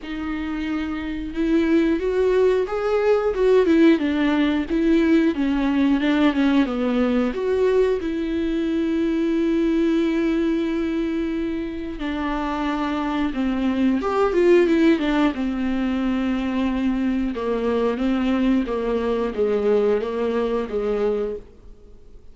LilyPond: \new Staff \with { instrumentName = "viola" } { \time 4/4 \tempo 4 = 90 dis'2 e'4 fis'4 | gis'4 fis'8 e'8 d'4 e'4 | cis'4 d'8 cis'8 b4 fis'4 | e'1~ |
e'2 d'2 | c'4 g'8 f'8 e'8 d'8 c'4~ | c'2 ais4 c'4 | ais4 gis4 ais4 gis4 | }